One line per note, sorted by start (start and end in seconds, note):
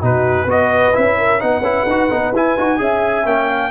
0.00 0.45 B2
0.00 0.47 D#4
0.00 0.46 F#4
0.00 0.50 B4
0.45 0.91 B3
0.45 0.93 F#4
0.45 1.18 B4
0.45 0.96 D#5
0.93 1.42 C#4
0.93 1.39 E4
0.93 1.40 E5
1.18 1.41 A#4
1.39 1.60 B3
1.39 1.62 D#4
1.39 2.80 B4
1.39 2.33 F#5
1.60 1.83 C#4
1.60 1.87 E4
1.86 2.09 D#4
1.86 2.11 F#4
2.11 2.32 B3
2.11 2.34 D#4
2.32 2.55 E4
2.32 2.58 E4
2.32 3.27 G#5
2.58 2.79 D#4
2.58 2.78 F#4
2.78 3.25 C#4
2.78 3.24 G#4
2.78 3.47 E5
3.25 3.70 A#3
3.25 3.70 C#4
3.25 3.70 G5
3.47 3.70 F5